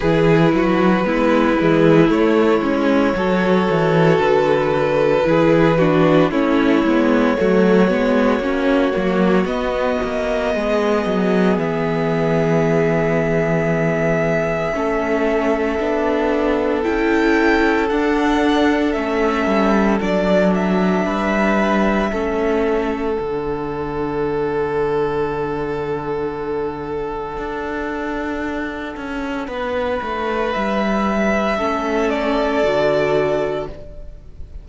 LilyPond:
<<
  \new Staff \with { instrumentName = "violin" } { \time 4/4 \tempo 4 = 57 b'2 cis''2 | b'2 cis''2~ | cis''4 dis''2 e''4~ | e''1 |
g''4 fis''4 e''4 d''8 e''8~ | e''2 fis''2~ | fis''1~ | fis''4 e''4. d''4. | }
  \new Staff \with { instrumentName = "violin" } { \time 4/4 gis'8 fis'8 e'2 a'4~ | a'4 gis'8 fis'8 e'4 fis'4~ | fis'2 gis'2~ | gis'2 a'2~ |
a'1 | b'4 a'2.~ | a'1 | b'2 a'2 | }
  \new Staff \with { instrumentName = "viola" } { \time 4/4 e'4 b8 gis8 a8 cis'8 fis'4~ | fis'4 e'8 d'8 cis'8 b8 a8 b8 | cis'8 ais8 b2.~ | b2 cis'4 d'4 |
e'4 d'4 cis'4 d'4~ | d'4 cis'4 d'2~ | d'1~ | d'2 cis'4 fis'4 | }
  \new Staff \with { instrumentName = "cello" } { \time 4/4 e8 fis8 gis8 e8 a8 gis8 fis8 e8 | d4 e4 a8 gis8 fis8 gis8 | ais8 fis8 b8 ais8 gis8 fis8 e4~ | e2 a4 b4 |
cis'4 d'4 a8 g8 fis4 | g4 a4 d2~ | d2 d'4. cis'8 | b8 a8 g4 a4 d4 | }
>>